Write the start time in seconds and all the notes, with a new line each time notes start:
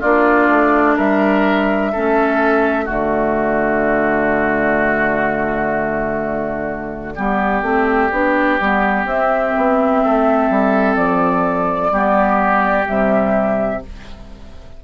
0.00 A#3 D4 F4 D5
0.49 A3
0.96 G3 A#4 E5
1.92 A3 C#4 A4
2.85 D3 A3 F#4 D5
7.15 G3 B3 G4
7.62 A3 C4
8.12 B3 D4
8.60 G3 B3
9.05 C4 E5
9.57 B3
10.04 A3 A4
10.50 G3
10.96 F3 D5
11.91 G3 B3 G4
12.85 C3 G3 E5